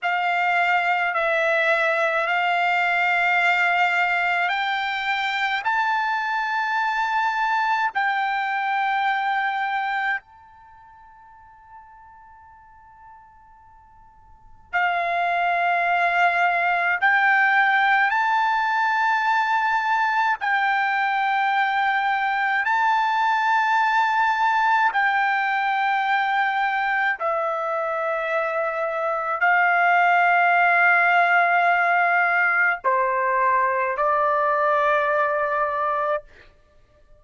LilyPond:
\new Staff \with { instrumentName = "trumpet" } { \time 4/4 \tempo 4 = 53 f''4 e''4 f''2 | g''4 a''2 g''4~ | g''4 a''2.~ | a''4 f''2 g''4 |
a''2 g''2 | a''2 g''2 | e''2 f''2~ | f''4 c''4 d''2 | }